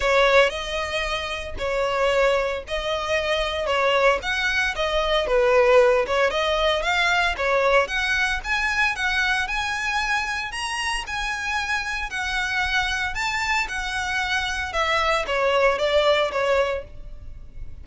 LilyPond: \new Staff \with { instrumentName = "violin" } { \time 4/4 \tempo 4 = 114 cis''4 dis''2 cis''4~ | cis''4 dis''2 cis''4 | fis''4 dis''4 b'4. cis''8 | dis''4 f''4 cis''4 fis''4 |
gis''4 fis''4 gis''2 | ais''4 gis''2 fis''4~ | fis''4 a''4 fis''2 | e''4 cis''4 d''4 cis''4 | }